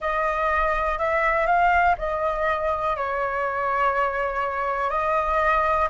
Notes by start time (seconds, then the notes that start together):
0.00 D#5
0.98 E5
1.46 F5
1.98 D#5
2.96 C#5
4.90 D#5